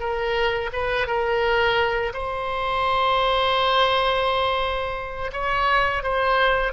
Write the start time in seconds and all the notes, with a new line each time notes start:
0.00 A#4
0.73 B4
1.07 A#4
2.14 C5
5.33 C#5
6.03 C5